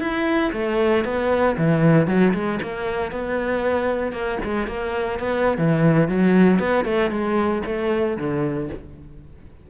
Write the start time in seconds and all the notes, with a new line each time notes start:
0.00 E4
0.52 A3
1.04 B3
1.58 E3
2.07 F#3
2.33 G#3
2.62 A#3
3.12 B3
4.12 A#3
4.44 G#3
4.67 A#3
5.19 B3
5.58 E3
6.08 F#3
6.59 B3
6.85 A3
7.11 G#3
7.65 A3
8.17 D3